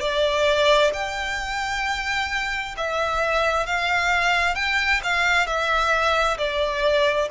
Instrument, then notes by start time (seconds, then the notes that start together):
violin
0.00 D5
0.93 G5
2.76 E5
3.66 F5
4.55 G5
5.03 F5
5.46 E5
6.38 D5